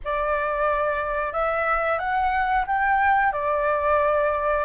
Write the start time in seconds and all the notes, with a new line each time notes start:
0.04 D5
1.32 E5
1.98 F#5
2.66 G5
3.32 D5